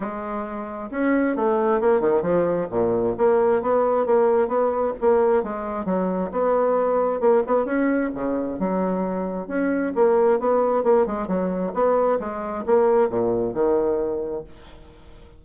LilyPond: \new Staff \with { instrumentName = "bassoon" } { \time 4/4 \tempo 4 = 133 gis2 cis'4 a4 | ais8 dis8 f4 ais,4 ais4 | b4 ais4 b4 ais4 | gis4 fis4 b2 |
ais8 b8 cis'4 cis4 fis4~ | fis4 cis'4 ais4 b4 | ais8 gis8 fis4 b4 gis4 | ais4 ais,4 dis2 | }